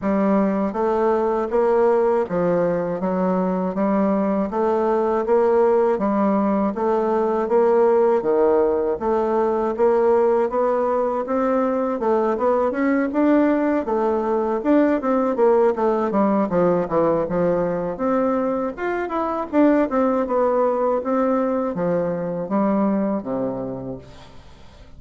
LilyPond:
\new Staff \with { instrumentName = "bassoon" } { \time 4/4 \tempo 4 = 80 g4 a4 ais4 f4 | fis4 g4 a4 ais4 | g4 a4 ais4 dis4 | a4 ais4 b4 c'4 |
a8 b8 cis'8 d'4 a4 d'8 | c'8 ais8 a8 g8 f8 e8 f4 | c'4 f'8 e'8 d'8 c'8 b4 | c'4 f4 g4 c4 | }